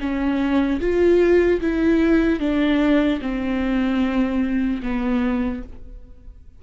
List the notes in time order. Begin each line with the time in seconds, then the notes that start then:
0.00 C#4
0.80 F4
1.61 E4
2.40 D4
3.21 C4
4.83 B3